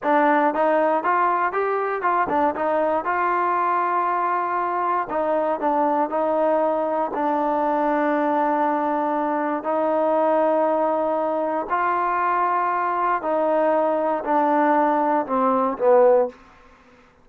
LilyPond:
\new Staff \with { instrumentName = "trombone" } { \time 4/4 \tempo 4 = 118 d'4 dis'4 f'4 g'4 | f'8 d'8 dis'4 f'2~ | f'2 dis'4 d'4 | dis'2 d'2~ |
d'2. dis'4~ | dis'2. f'4~ | f'2 dis'2 | d'2 c'4 b4 | }